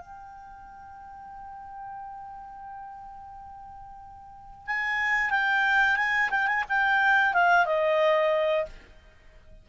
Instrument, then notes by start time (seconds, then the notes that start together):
clarinet
0.00 G5
4.67 G#5
5.30 G5
5.96 G#5
6.31 G5
6.47 G#5
6.69 G5
7.34 F5
7.66 D#5